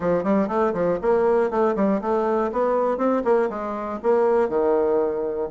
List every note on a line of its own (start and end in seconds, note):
0.00 0.23 F3
0.23 0.48 G3
0.48 0.73 A3
0.73 0.98 F3
1.01 1.50 A#3
1.50 1.75 A3
1.75 2.00 G3
2.01 2.51 A3
2.52 2.97 B3
2.97 3.22 C4
3.24 3.49 A#3
3.49 3.99 G#3
4.02 4.48 A#3
4.48 5.48 D#3